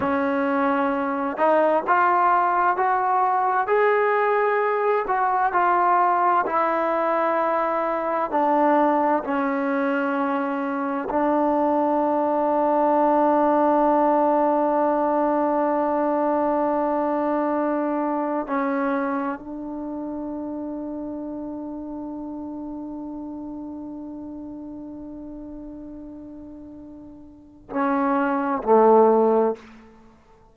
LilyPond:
\new Staff \with { instrumentName = "trombone" } { \time 4/4 \tempo 4 = 65 cis'4. dis'8 f'4 fis'4 | gis'4. fis'8 f'4 e'4~ | e'4 d'4 cis'2 | d'1~ |
d'1 | cis'4 d'2.~ | d'1~ | d'2 cis'4 a4 | }